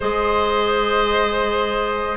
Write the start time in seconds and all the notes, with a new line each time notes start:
0.00 G#3 G#4 C5 D#5